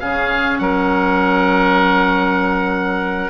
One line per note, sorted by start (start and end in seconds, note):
0.00 0.60 C#3
0.00 3.31 C#4
0.00 0.62 G#4
0.00 0.59 F5
0.59 3.31 F#3
0.59 3.31 A#4
0.59 3.31 F#5